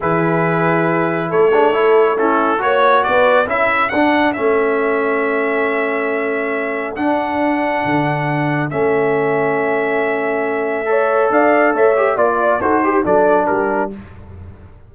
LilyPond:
<<
  \new Staff \with { instrumentName = "trumpet" } { \time 4/4 \tempo 4 = 138 b'2. cis''4~ | cis''4 a'4 cis''4 d''4 | e''4 fis''4 e''2~ | e''1 |
fis''1 | e''1~ | e''2 f''4 e''4 | d''4 c''4 d''4 ais'4 | }
  \new Staff \with { instrumentName = "horn" } { \time 4/4 gis'2. a'8 gis'8 | a'4 e'4 cis''4 b'4 | a'1~ | a'1~ |
a'1~ | a'1~ | a'4 cis''4 d''4 cis''4 | d''4 a'8 g'8 a'4 g'4 | }
  \new Staff \with { instrumentName = "trombone" } { \time 4/4 e'2.~ e'8 d'8 | e'4 cis'4 fis'2 | e'4 d'4 cis'2~ | cis'1 |
d'1 | cis'1~ | cis'4 a'2~ a'8 g'8 | f'4 fis'8 g'8 d'2 | }
  \new Staff \with { instrumentName = "tuba" } { \time 4/4 e2. a4~ | a2 ais4 b4 | cis'4 d'4 a2~ | a1 |
d'2 d2 | a1~ | a2 d'4 a4 | ais4 dis'4 fis4 g4 | }
>>